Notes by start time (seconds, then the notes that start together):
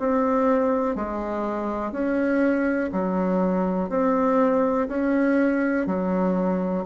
0.00 C4
0.96 G#3
1.92 C#4
2.93 F#3
3.90 C4
4.89 C#4
5.87 F#3